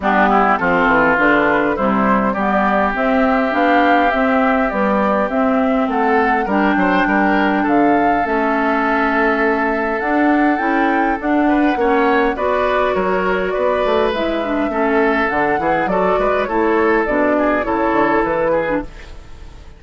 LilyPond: <<
  \new Staff \with { instrumentName = "flute" } { \time 4/4 \tempo 4 = 102 g'4 a'4 b'4 c''4 | d''4 e''4 f''4 e''4 | d''4 e''4 fis''4 g''4~ | g''4 f''4 e''2~ |
e''4 fis''4 g''4 fis''4~ | fis''4 d''4 cis''4 d''4 | e''2 fis''4 d''4 | cis''4 d''4 cis''4 b'4 | }
  \new Staff \with { instrumentName = "oboe" } { \time 4/4 d'8 e'8 f'2 e'4 | g'1~ | g'2 a'4 ais'8 c''8 | ais'4 a'2.~ |
a'2.~ a'8 b'8 | cis''4 b'4 ais'4 b'4~ | b'4 a'4. gis'8 a'8 b'8 | a'4. gis'8 a'4. gis'8 | }
  \new Staff \with { instrumentName = "clarinet" } { \time 4/4 b4 c'4 d'4 g4 | b4 c'4 d'4 c'4 | g4 c'2 d'4~ | d'2 cis'2~ |
cis'4 d'4 e'4 d'4 | cis'4 fis'2. | e'8 d'8 cis'4 d'8 e'8 fis'4 | e'4 d'4 e'4.~ e'16 d'16 | }
  \new Staff \with { instrumentName = "bassoon" } { \time 4/4 g4 f8 e8 d4 c4 | g4 c'4 b4 c'4 | b4 c'4 a4 g8 fis8 | g4 d4 a2~ |
a4 d'4 cis'4 d'4 | ais4 b4 fis4 b8 a8 | gis4 a4 d8 e8 fis8 gis8 | a4 b,4 cis8 d8 e4 | }
>>